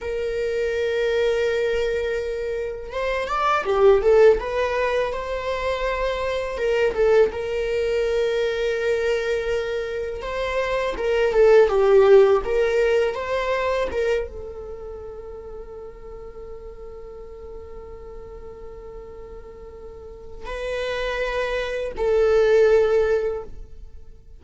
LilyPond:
\new Staff \with { instrumentName = "viola" } { \time 4/4 \tempo 4 = 82 ais'1 | c''8 d''8 g'8 a'8 b'4 c''4~ | c''4 ais'8 a'8 ais'2~ | ais'2 c''4 ais'8 a'8 |
g'4 ais'4 c''4 ais'8 a'8~ | a'1~ | a'1 | b'2 a'2 | }